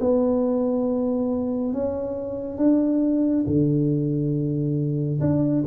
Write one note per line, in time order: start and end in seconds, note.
0.00 1.73 B3
1.73 2.58 C#4
2.58 3.45 D4
3.47 5.21 D3
5.21 5.64 D4